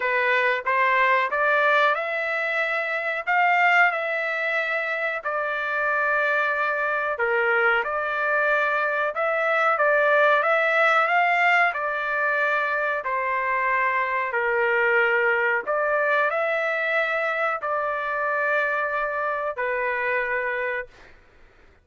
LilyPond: \new Staff \with { instrumentName = "trumpet" } { \time 4/4 \tempo 4 = 92 b'4 c''4 d''4 e''4~ | e''4 f''4 e''2 | d''2. ais'4 | d''2 e''4 d''4 |
e''4 f''4 d''2 | c''2 ais'2 | d''4 e''2 d''4~ | d''2 b'2 | }